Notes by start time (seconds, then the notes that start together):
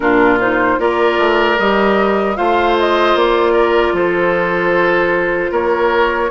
0.00 A#2 D4 F4 A#4
0.39 D#4 C5
0.78 A#3 F4 A#4 D5
1.18 A3
1.58 G3 G4 D#5
2.35 A3 F4 C5 F5
2.79 D#5
3.14 A#3 D5
3.52 A#4
3.92 F3 A4 C5
5.51 A#3 A#4 C#5